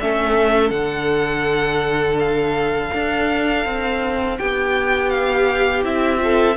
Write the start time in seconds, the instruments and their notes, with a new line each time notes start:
0.00 cello A3, viola C#4, violin A4 E5
0.70 cello D3, viola D4, violin F#5
2.19 violin F5
2.94 cello D4
3.65 cello C4
4.37 cello B3, violin G4 G5
5.09 violin F5
5.83 cello C4, viola E4, violin E5
6.18 viola F4, violin A4